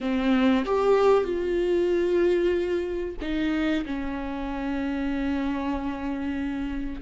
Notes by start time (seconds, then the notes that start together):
0.01 C4
0.65 G4
1.24 F4
3.21 D#4
3.85 C#4